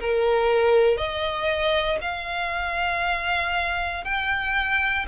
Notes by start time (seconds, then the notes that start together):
0.00 A#4
0.98 D#5
2.02 F5
4.04 G5